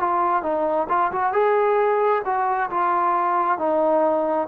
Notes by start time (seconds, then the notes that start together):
0.00 F4
0.43 D#4
0.90 F4
1.12 F#4
1.33 G#4
2.26 F#4
2.71 F4
3.59 D#4